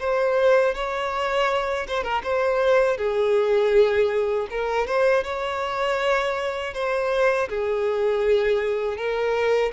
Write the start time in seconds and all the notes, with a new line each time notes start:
0.00 C5
0.75 C#5
1.88 C5
2.04 A#4
2.24 C5
2.98 G#4
4.51 A#4
4.88 C5
5.24 C#5
6.74 C5
7.49 G#4
8.97 A#4